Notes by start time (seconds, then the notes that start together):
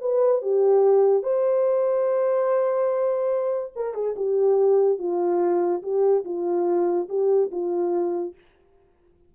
0.00 B4
0.41 G4
1.23 C5
3.75 A#4
3.94 G#4
4.16 G4
4.99 F4
5.83 G4
6.25 F4
7.09 G4
7.51 F4